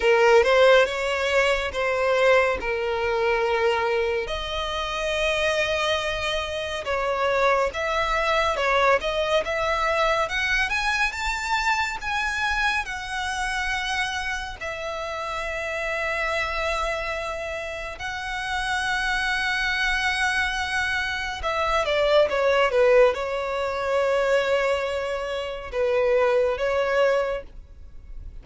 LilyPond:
\new Staff \with { instrumentName = "violin" } { \time 4/4 \tempo 4 = 70 ais'8 c''8 cis''4 c''4 ais'4~ | ais'4 dis''2. | cis''4 e''4 cis''8 dis''8 e''4 | fis''8 gis''8 a''4 gis''4 fis''4~ |
fis''4 e''2.~ | e''4 fis''2.~ | fis''4 e''8 d''8 cis''8 b'8 cis''4~ | cis''2 b'4 cis''4 | }